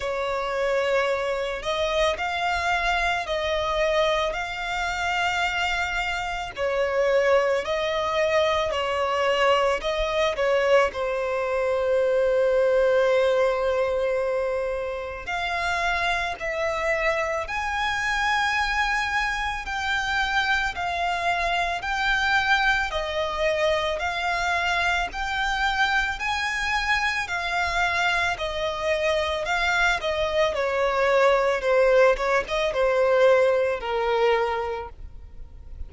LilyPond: \new Staff \with { instrumentName = "violin" } { \time 4/4 \tempo 4 = 55 cis''4. dis''8 f''4 dis''4 | f''2 cis''4 dis''4 | cis''4 dis''8 cis''8 c''2~ | c''2 f''4 e''4 |
gis''2 g''4 f''4 | g''4 dis''4 f''4 g''4 | gis''4 f''4 dis''4 f''8 dis''8 | cis''4 c''8 cis''16 dis''16 c''4 ais'4 | }